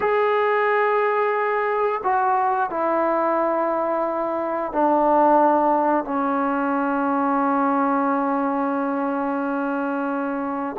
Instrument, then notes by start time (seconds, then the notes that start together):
trombone
0.00 G#4
2.03 F#4
2.70 E4
4.72 D4
6.04 C#4